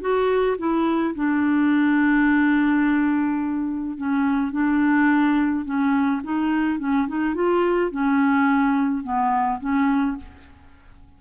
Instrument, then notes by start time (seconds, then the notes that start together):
clarinet
0.00 F#4
0.58 E4
1.14 D4
3.97 C#4
4.52 D4
5.64 C#4
6.23 D#4
6.79 C#4
7.08 D#4
7.34 F4
7.91 C#4
9.03 B3
9.60 C#4